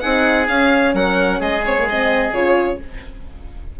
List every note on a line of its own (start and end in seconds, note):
0.00 0.48 C4
0.00 0.47 D#4
0.00 0.95 G#4
0.00 0.47 F#5
0.47 1.64 C#4
0.47 0.94 C#4
0.47 0.94 F5
0.94 1.40 F#3
0.94 1.39 A#4
0.94 1.41 F#5
1.39 2.32 G#3
1.39 2.79 G#4
1.39 1.65 D#5
1.65 1.77 C4
1.65 1.89 C#5
1.77 1.89 A#3
1.89 2.33 C4
1.89 2.34 D#5
2.32 2.78 C#3
2.32 2.80 F4
2.32 2.80 C#5